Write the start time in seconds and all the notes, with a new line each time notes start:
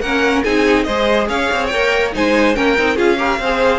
0.00 A#3 C#4 A#4 F#5
0.43 C4 D#4 G#4 G#5
0.83 G#3 G#4 C5 D#5
1.28 C#4 C#5 F5
1.52 C4
1.66 G5
1.73 A#3 A#4
2.12 G#3 D#4 C5 G#5
2.54 A#3 C#4 A#4 G5
2.78 C4 D#4
2.95 C#4 F4 G#4 F5
3.17 G4 A#4
3.39 C4 G#4 C5